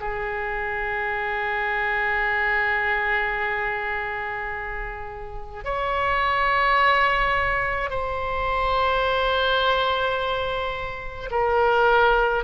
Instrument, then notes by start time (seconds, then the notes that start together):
oboe
0.00 G#4
5.64 C#5
7.90 C5
11.31 A#4